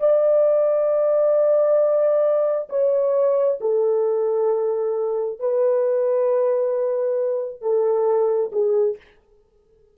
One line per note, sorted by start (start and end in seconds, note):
0.00 2.69 D5
2.69 3.59 C#5
3.61 5.39 A4
5.39 7.62 B4
7.62 8.51 A4
8.52 8.97 G#4